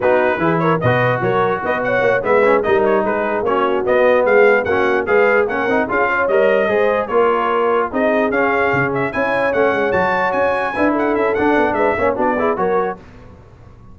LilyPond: <<
  \new Staff \with { instrumentName = "trumpet" } { \time 4/4 \tempo 4 = 148 b'4. cis''8 dis''4 cis''4 | dis''8 fis''4 e''4 dis''8 cis''8 b'8~ | b'8 cis''4 dis''4 f''4 fis''8~ | fis''8 f''4 fis''4 f''4 dis''8~ |
dis''4. cis''2 dis''8~ | dis''8 f''4. e''8 gis''4 fis''8~ | fis''8 a''4 gis''4. fis''8 e''8 | fis''4 e''4 d''4 cis''4 | }
  \new Staff \with { instrumentName = "horn" } { \time 4/4 fis'4 gis'8 ais'8 b'4 ais'4 | b'8 cis''4 b'4 ais'4 gis'8~ | gis'8 fis'2 gis'4 fis'8~ | fis'8 b'4 ais'4 gis'8 cis''4~ |
cis''8 c''4 ais'2 gis'8~ | gis'2~ gis'8 cis''4.~ | cis''2~ cis''8 b'8 a'4~ | a'4 b'8 cis''8 fis'8 gis'8 ais'4 | }
  \new Staff \with { instrumentName = "trombone" } { \time 4/4 dis'4 e'4 fis'2~ | fis'4. b8 cis'8 dis'4.~ | dis'8 cis'4 b2 cis'8~ | cis'8 gis'4 cis'8 dis'8 f'4 ais'8~ |
ais'8 gis'4 f'2 dis'8~ | dis'8 cis'2 e'4 cis'8~ | cis'8 fis'2 e'4. | d'4. cis'8 d'8 e'8 fis'4 | }
  \new Staff \with { instrumentName = "tuba" } { \time 4/4 b4 e4 b,4 fis4 | b4 ais8 gis4 g4 gis8~ | gis8 ais4 b4 gis4 ais8~ | ais8 gis4 ais8 c'8 cis'4 g8~ |
g8 gis4 ais2 c'8~ | c'8 cis'4 cis4 cis'4 a8 | gis8 fis4 cis'4 d'4 cis'8 | d'8 b8 gis8 ais8 b4 fis4 | }
>>